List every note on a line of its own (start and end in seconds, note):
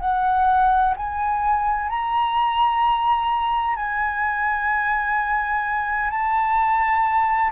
0.00 0.94 F#5
0.96 1.89 G#5
1.89 3.75 A#5
3.75 6.10 G#5
6.10 7.50 A5